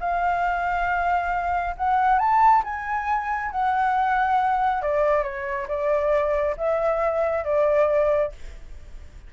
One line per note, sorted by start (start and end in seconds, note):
0.00 1.75 F5
1.77 2.19 F#5
2.19 2.63 A5
2.64 3.51 G#5
3.51 4.82 F#5
4.82 5.23 D5
5.23 5.67 C#5
5.68 6.56 D5
6.57 7.44 E5
7.44 8.32 D5